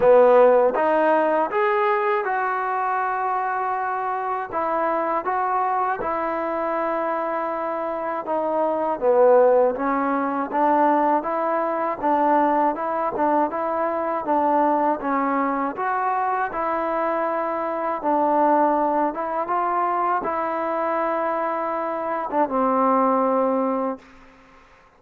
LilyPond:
\new Staff \with { instrumentName = "trombone" } { \time 4/4 \tempo 4 = 80 b4 dis'4 gis'4 fis'4~ | fis'2 e'4 fis'4 | e'2. dis'4 | b4 cis'4 d'4 e'4 |
d'4 e'8 d'8 e'4 d'4 | cis'4 fis'4 e'2 | d'4. e'8 f'4 e'4~ | e'4.~ e'16 d'16 c'2 | }